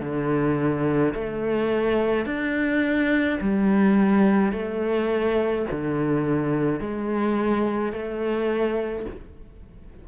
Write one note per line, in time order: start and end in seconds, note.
0.00 1.13 D3
1.14 2.25 A3
2.25 3.39 D4
3.41 4.52 G3
4.52 5.66 A3
5.71 6.80 D3
6.80 7.92 G#3
7.92 9.05 A3